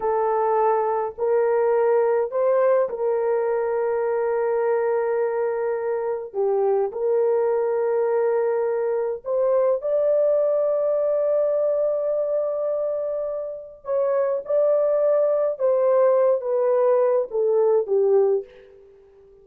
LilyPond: \new Staff \with { instrumentName = "horn" } { \time 4/4 \tempo 4 = 104 a'2 ais'2 | c''4 ais'2.~ | ais'2. g'4 | ais'1 |
c''4 d''2.~ | d''1 | cis''4 d''2 c''4~ | c''8 b'4. a'4 g'4 | }